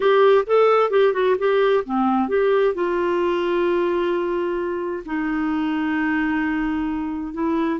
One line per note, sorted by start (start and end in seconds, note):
0.00 0.45 G4
0.46 0.90 A4
0.90 1.13 G4
1.13 1.36 F#4
1.38 1.84 G4
1.84 2.28 C4
2.28 2.74 G4
2.74 5.03 F4
5.05 7.33 D#4
7.33 7.79 E4